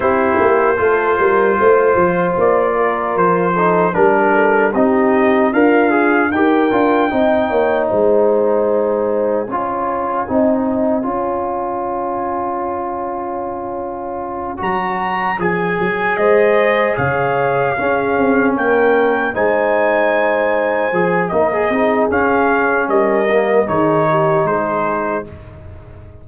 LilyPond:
<<
  \new Staff \with { instrumentName = "trumpet" } { \time 4/4 \tempo 4 = 76 c''2. d''4 | c''4 ais'4 dis''4 f''4 | g''2 gis''2~ | gis''1~ |
gis''2~ gis''8 ais''4 gis''8~ | gis''8 dis''4 f''2 g''8~ | g''8 gis''2~ gis''8 dis''4 | f''4 dis''4 cis''4 c''4 | }
  \new Staff \with { instrumentName = "horn" } { \time 4/4 g'4 a'8 ais'8 c''4. ais'8~ | ais'8 a'8 ais'8 a'8 g'4 f'4 | ais'4 dis''8 cis''8 c''2 | cis''4 dis''4 cis''2~ |
cis''1~ | cis''8 c''4 cis''4 gis'4 ais'8~ | ais'8 c''2~ c''8 ais'8 gis'8~ | gis'4 ais'4 gis'8 g'8 gis'4 | }
  \new Staff \with { instrumentName = "trombone" } { \time 4/4 e'4 f'2.~ | f'8 dis'8 d'4 dis'4 ais'8 gis'8 | g'8 f'8 dis'2. | f'4 dis'4 f'2~ |
f'2~ f'8 fis'4 gis'8~ | gis'2~ gis'8 cis'4.~ | cis'8 dis'2 gis'8 dis'16 gis'16 dis'8 | cis'4. ais8 dis'2 | }
  \new Staff \with { instrumentName = "tuba" } { \time 4/4 c'8 ais8 a8 g8 a8 f8 ais4 | f4 g4 c'4 d'4 | dis'8 d'8 c'8 ais8 gis2 | cis'4 c'4 cis'2~ |
cis'2~ cis'8 fis4 f8 | fis8 gis4 cis4 cis'8 c'8 ais8~ | ais8 gis2 f8 ais8 c'8 | cis'4 g4 dis4 gis4 | }
>>